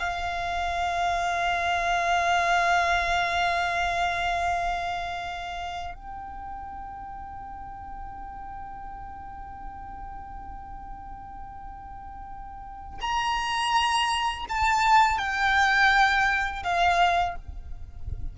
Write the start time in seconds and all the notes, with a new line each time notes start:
0.00 F5
5.95 G5
13.01 A#5
14.49 A5
15.19 G5
16.64 F5